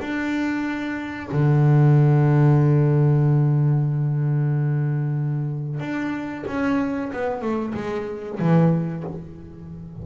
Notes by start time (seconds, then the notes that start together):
0.00 D4
1.31 D3
5.79 D4
6.47 C#4
7.12 B3
7.41 A3
7.74 G#3
8.39 E3